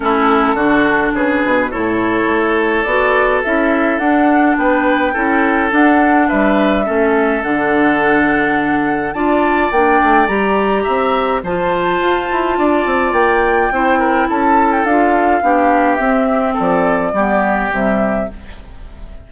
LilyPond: <<
  \new Staff \with { instrumentName = "flute" } { \time 4/4 \tempo 4 = 105 a'2 b'4 cis''4~ | cis''4 d''4 e''4 fis''4 | g''2 fis''4 e''4~ | e''4 fis''2. |
a''4 g''4 ais''2 | a''2. g''4~ | g''4 a''8. g''16 f''2 | e''4 d''2 e''4 | }
  \new Staff \with { instrumentName = "oboe" } { \time 4/4 e'4 fis'4 gis'4 a'4~ | a'1 | b'4 a'2 b'4 | a'1 |
d''2. e''4 | c''2 d''2 | c''8 ais'8 a'2 g'4~ | g'4 a'4 g'2 | }
  \new Staff \with { instrumentName = "clarinet" } { \time 4/4 cis'4 d'2 e'4~ | e'4 fis'4 e'4 d'4~ | d'4 e'4 d'2 | cis'4 d'2. |
f'4 d'4 g'2 | f'1 | e'2 f'4 d'4 | c'2 b4 g4 | }
  \new Staff \with { instrumentName = "bassoon" } { \time 4/4 a4 d4 cis8 b,8 a,4 | a4 b4 cis'4 d'4 | b4 cis'4 d'4 g4 | a4 d2. |
d'4 ais8 a8 g4 c'4 | f4 f'8 e'8 d'8 c'8 ais4 | c'4 cis'4 d'4 b4 | c'4 f4 g4 c4 | }
>>